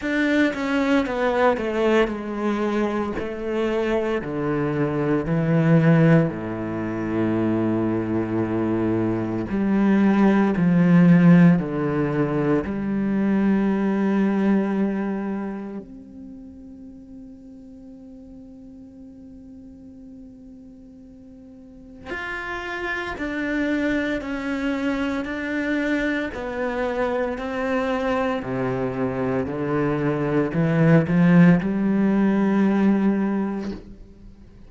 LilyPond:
\new Staff \with { instrumentName = "cello" } { \time 4/4 \tempo 4 = 57 d'8 cis'8 b8 a8 gis4 a4 | d4 e4 a,2~ | a,4 g4 f4 d4 | g2. c'4~ |
c'1~ | c'4 f'4 d'4 cis'4 | d'4 b4 c'4 c4 | d4 e8 f8 g2 | }